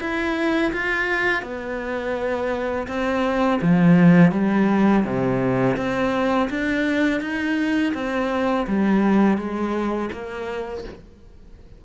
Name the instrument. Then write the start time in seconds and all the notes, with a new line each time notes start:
cello
0.00 E4
0.72 F4
1.42 B3
2.88 C4
3.61 F3
4.31 G3
5.04 C3
5.76 C4
6.50 D4
7.21 D#4
7.94 C4
8.67 G3
9.37 G#3
10.12 A#3